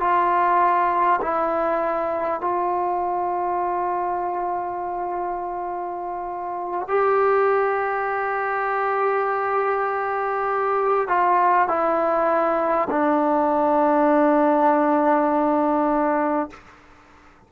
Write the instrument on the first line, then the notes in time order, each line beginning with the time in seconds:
trombone
0.00 F4
1.21 E4
2.40 F4
6.88 G4
11.07 F4
11.67 E4
12.90 D4